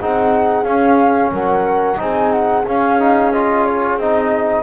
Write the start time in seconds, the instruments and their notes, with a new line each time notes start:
0.00 double bass C4, trombone D#4, horn G#4, flute F#5
0.64 double bass C#4, trombone C#4, flute F5
1.32 double bass F#3, horn A#4, flute F#5
1.97 double bass C4, trombone D#4, horn G#4, flute G#5
2.32 flute F#5
2.67 double bass C#4, trombone C#4, flute F5
3.00 trombone D#4
3.33 trombone F4, flute D#5
3.65 flute C#5
3.97 double bass C4, trombone D#4, flute D#5